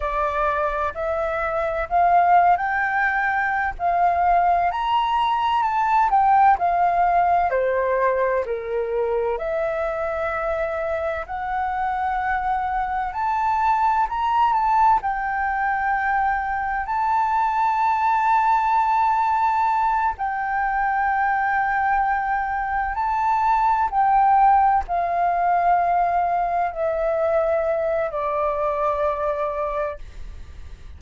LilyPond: \new Staff \with { instrumentName = "flute" } { \time 4/4 \tempo 4 = 64 d''4 e''4 f''8. g''4~ g''16 | f''4 ais''4 a''8 g''8 f''4 | c''4 ais'4 e''2 | fis''2 a''4 ais''8 a''8 |
g''2 a''2~ | a''4. g''2~ g''8~ | g''8 a''4 g''4 f''4.~ | f''8 e''4. d''2 | }